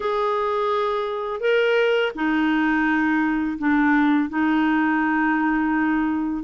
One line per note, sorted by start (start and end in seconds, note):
0.00 1.40 G#4
1.40 2.11 A#4
2.15 3.57 D#4
3.58 4.29 D4
4.29 6.43 D#4